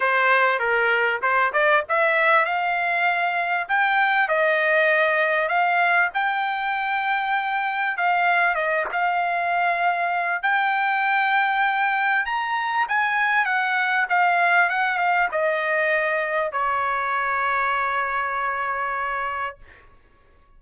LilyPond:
\new Staff \with { instrumentName = "trumpet" } { \time 4/4 \tempo 4 = 98 c''4 ais'4 c''8 d''8 e''4 | f''2 g''4 dis''4~ | dis''4 f''4 g''2~ | g''4 f''4 dis''8 f''4.~ |
f''4 g''2. | ais''4 gis''4 fis''4 f''4 | fis''8 f''8 dis''2 cis''4~ | cis''1 | }